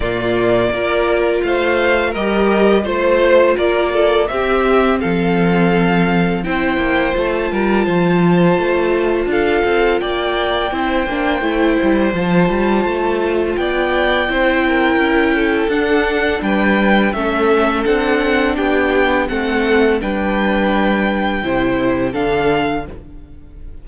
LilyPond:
<<
  \new Staff \with { instrumentName = "violin" } { \time 4/4 \tempo 4 = 84 d''2 f''4 dis''4 | c''4 d''4 e''4 f''4~ | f''4 g''4 a''2~ | a''4 f''4 g''2~ |
g''4 a''2 g''4~ | g''2 fis''4 g''4 | e''4 fis''4 g''4 fis''4 | g''2. f''4 | }
  \new Staff \with { instrumentName = "violin" } { \time 4/4 f'4 ais'4 c''4 ais'4 | c''4 ais'8 a'8 g'4 a'4~ | a'4 c''4. ais'8 c''4~ | c''4 a'4 d''4 c''4~ |
c''2. d''4 | c''8 ais'4 a'4. b'4 | a'2 g'4 a'4 | b'2 c''4 a'4 | }
  \new Staff \with { instrumentName = "viola" } { \time 4/4 ais4 f'2 g'4 | f'2 c'2~ | c'4 e'4 f'2~ | f'2. e'8 d'8 |
e'4 f'2. | e'2 d'2 | cis'4 d'2 c'4 | d'2 e'4 d'4 | }
  \new Staff \with { instrumentName = "cello" } { \time 4/4 ais,4 ais4 a4 g4 | a4 ais4 c'4 f4~ | f4 c'8 ais8 a8 g8 f4 | a4 d'8 c'8 ais4 c'8 ais8 |
a8 g8 f8 g8 a4 b4 | c'4 cis'4 d'4 g4 | a4 c'4 b4 a4 | g2 c4 d4 | }
>>